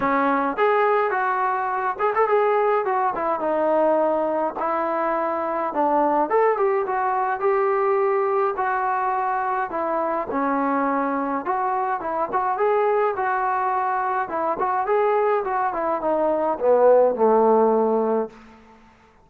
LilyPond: \new Staff \with { instrumentName = "trombone" } { \time 4/4 \tempo 4 = 105 cis'4 gis'4 fis'4. gis'16 a'16 | gis'4 fis'8 e'8 dis'2 | e'2 d'4 a'8 g'8 | fis'4 g'2 fis'4~ |
fis'4 e'4 cis'2 | fis'4 e'8 fis'8 gis'4 fis'4~ | fis'4 e'8 fis'8 gis'4 fis'8 e'8 | dis'4 b4 a2 | }